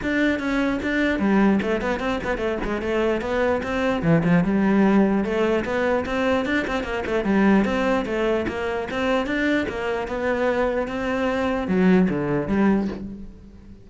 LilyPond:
\new Staff \with { instrumentName = "cello" } { \time 4/4 \tempo 4 = 149 d'4 cis'4 d'4 g4 | a8 b8 c'8 b8 a8 gis8 a4 | b4 c'4 e8 f8 g4~ | g4 a4 b4 c'4 |
d'8 c'8 ais8 a8 g4 c'4 | a4 ais4 c'4 d'4 | ais4 b2 c'4~ | c'4 fis4 d4 g4 | }